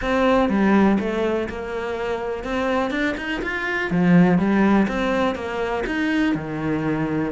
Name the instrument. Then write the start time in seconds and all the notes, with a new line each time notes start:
cello
0.01 C4
0.49 G3
0.99 A3
1.49 A#3
2.44 C4
2.90 D4
3.17 D#4
3.41 F4
3.90 F3
4.38 G3
4.88 C4
5.35 A#3
5.86 D#4
6.34 D#3